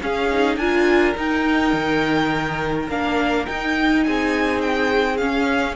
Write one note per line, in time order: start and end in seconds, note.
0.00 0.29 C#4
0.00 0.56 C#4
0.00 0.59 G#4
0.00 0.56 F5
0.31 0.60 D#4
0.56 1.14 D4
0.56 1.15 F4
0.56 4.05 A#4
0.56 1.14 G#5
1.15 2.88 D#4
1.15 1.73 D#4
1.15 2.90 G5
1.73 2.88 D#3
2.89 3.47 A#3
2.89 3.47 D4
2.89 3.46 F5
3.46 5.20 D#4
3.46 4.07 D#4
3.46 4.04 G5
4.04 5.22 C4
4.04 5.76 G#4
4.04 4.61 G#5
4.62 5.18 G5
5.18 5.76 C#4
5.18 5.75 F5